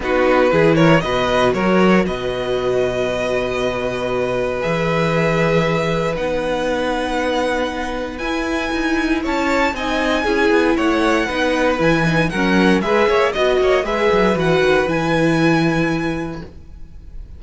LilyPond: <<
  \new Staff \with { instrumentName = "violin" } { \time 4/4 \tempo 4 = 117 b'4. cis''8 dis''4 cis''4 | dis''1~ | dis''4 e''2. | fis''1 |
gis''2 a''4 gis''4~ | gis''4 fis''2 gis''4 | fis''4 e''4 dis''4 e''4 | fis''4 gis''2. | }
  \new Staff \with { instrumentName = "violin" } { \time 4/4 fis'4 gis'8 ais'8 b'4 ais'4 | b'1~ | b'1~ | b'1~ |
b'2 cis''4 dis''4 | gis'4 cis''4 b'2 | ais'4 b'8 cis''8 dis''8 cis''8 b'4~ | b'1 | }
  \new Staff \with { instrumentName = "viola" } { \time 4/4 dis'4 e'4 fis'2~ | fis'1~ | fis'4 gis'2. | dis'1 |
e'2. dis'4 | e'2 dis'4 e'8 dis'8 | cis'4 gis'4 fis'4 gis'4 | fis'4 e'2. | }
  \new Staff \with { instrumentName = "cello" } { \time 4/4 b4 e4 b,4 fis4 | b,1~ | b,4 e2. | b1 |
e'4 dis'4 cis'4 c'4 | cis'8 b8 a4 b4 e4 | fis4 gis8 ais8 b8 ais8 gis8 fis8 | e8 dis8 e2. | }
>>